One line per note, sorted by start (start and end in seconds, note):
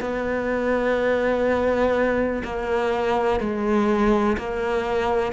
0.00 2.42 B3
2.44 3.40 A#3
3.40 4.37 G#3
4.38 5.32 A#3